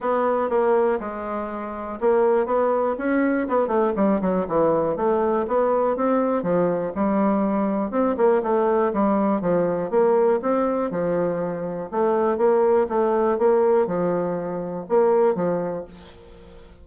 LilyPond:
\new Staff \with { instrumentName = "bassoon" } { \time 4/4 \tempo 4 = 121 b4 ais4 gis2 | ais4 b4 cis'4 b8 a8 | g8 fis8 e4 a4 b4 | c'4 f4 g2 |
c'8 ais8 a4 g4 f4 | ais4 c'4 f2 | a4 ais4 a4 ais4 | f2 ais4 f4 | }